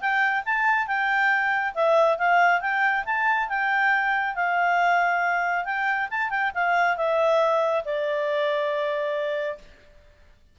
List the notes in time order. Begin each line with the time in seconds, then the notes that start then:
0.00 G5
0.45 A5
0.87 G5
1.74 E5
2.18 F5
2.61 G5
3.05 A5
3.49 G5
4.35 F5
5.65 G5
6.10 A5
6.30 G5
6.54 F5
6.97 E5
7.84 D5